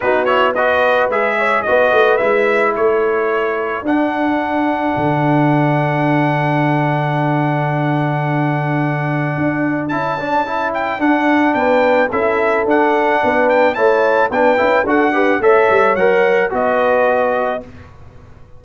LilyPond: <<
  \new Staff \with { instrumentName = "trumpet" } { \time 4/4 \tempo 4 = 109 b'8 cis''8 dis''4 e''4 dis''4 | e''4 cis''2 fis''4~ | fis''1~ | fis''1~ |
fis''2 a''4. g''8 | fis''4 g''4 e''4 fis''4~ | fis''8 g''8 a''4 g''4 fis''4 | e''4 fis''4 dis''2 | }
  \new Staff \with { instrumentName = "horn" } { \time 4/4 fis'4 b'4. cis''8 b'4~ | b'4 a'2.~ | a'1~ | a'1~ |
a'1~ | a'4 b'4 a'2 | b'4 cis''4 b'4 a'8 b'8 | cis''2 b'2 | }
  \new Staff \with { instrumentName = "trombone" } { \time 4/4 dis'8 e'8 fis'4 gis'4 fis'4 | e'2. d'4~ | d'1~ | d'1~ |
d'2 e'8 d'8 e'4 | d'2 e'4 d'4~ | d'4 e'4 d'8 e'8 fis'8 g'8 | a'4 ais'4 fis'2 | }
  \new Staff \with { instrumentName = "tuba" } { \time 4/4 b2 gis4 b8 a8 | gis4 a2 d'4~ | d'4 d2.~ | d1~ |
d4 d'4 cis'2 | d'4 b4 cis'4 d'4 | b4 a4 b8 cis'8 d'4 | a8 g8 fis4 b2 | }
>>